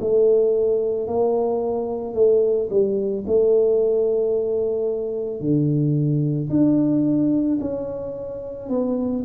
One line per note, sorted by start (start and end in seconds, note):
0.00 1.07 A3
1.07 2.14 A#3
2.14 2.69 A3
2.70 3.24 G3
3.27 5.40 A3
5.40 6.49 D3
6.50 7.59 D4
7.61 8.69 C#4
8.69 9.24 B3